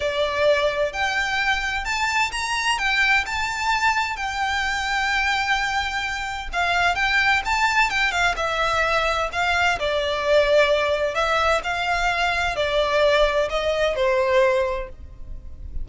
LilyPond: \new Staff \with { instrumentName = "violin" } { \time 4/4 \tempo 4 = 129 d''2 g''2 | a''4 ais''4 g''4 a''4~ | a''4 g''2.~ | g''2 f''4 g''4 |
a''4 g''8 f''8 e''2 | f''4 d''2. | e''4 f''2 d''4~ | d''4 dis''4 c''2 | }